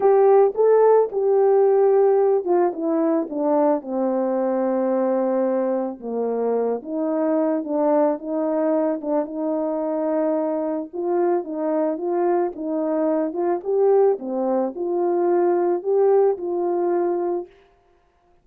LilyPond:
\new Staff \with { instrumentName = "horn" } { \time 4/4 \tempo 4 = 110 g'4 a'4 g'2~ | g'8 f'8 e'4 d'4 c'4~ | c'2. ais4~ | ais8 dis'4. d'4 dis'4~ |
dis'8 d'8 dis'2. | f'4 dis'4 f'4 dis'4~ | dis'8 f'8 g'4 c'4 f'4~ | f'4 g'4 f'2 | }